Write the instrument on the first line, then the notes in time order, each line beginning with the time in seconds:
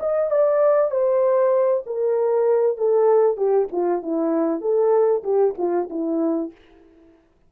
horn
0.00 D#5
0.31 D5
0.91 C5
1.86 A#4
2.78 A4
3.37 G4
3.72 F4
4.02 E4
4.61 A4
5.24 G4
5.58 F4
5.90 E4